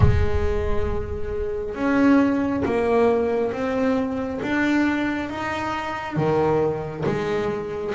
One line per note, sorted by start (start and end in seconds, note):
0.00 1.74 G#3
1.74 2.63 C#4
2.65 3.52 A#3
3.52 4.40 C4
4.42 5.29 D4
5.29 6.16 D#4
6.16 7.04 D#3
7.05 7.94 G#3